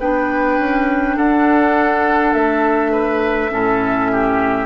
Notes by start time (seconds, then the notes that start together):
0.00 B3 D4 B4 G5
0.59 C#4
1.17 D4 A4 F#5
2.34 A3 E5
2.92 B4
3.51 A2 C#4 A4
4.12 G4